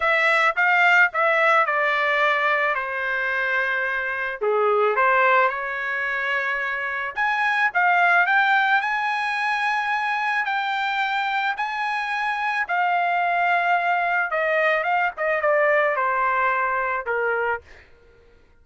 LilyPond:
\new Staff \with { instrumentName = "trumpet" } { \time 4/4 \tempo 4 = 109 e''4 f''4 e''4 d''4~ | d''4 c''2. | gis'4 c''4 cis''2~ | cis''4 gis''4 f''4 g''4 |
gis''2. g''4~ | g''4 gis''2 f''4~ | f''2 dis''4 f''8 dis''8 | d''4 c''2 ais'4 | }